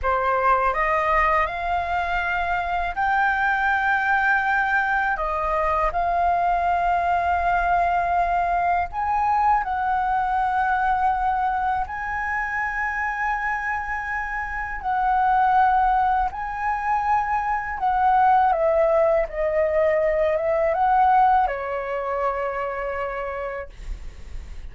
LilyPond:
\new Staff \with { instrumentName = "flute" } { \time 4/4 \tempo 4 = 81 c''4 dis''4 f''2 | g''2. dis''4 | f''1 | gis''4 fis''2. |
gis''1 | fis''2 gis''2 | fis''4 e''4 dis''4. e''8 | fis''4 cis''2. | }